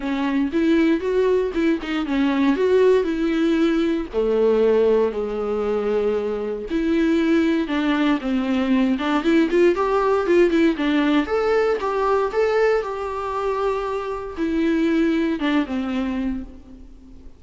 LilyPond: \new Staff \with { instrumentName = "viola" } { \time 4/4 \tempo 4 = 117 cis'4 e'4 fis'4 e'8 dis'8 | cis'4 fis'4 e'2 | a2 gis2~ | gis4 e'2 d'4 |
c'4. d'8 e'8 f'8 g'4 | f'8 e'8 d'4 a'4 g'4 | a'4 g'2. | e'2 d'8 c'4. | }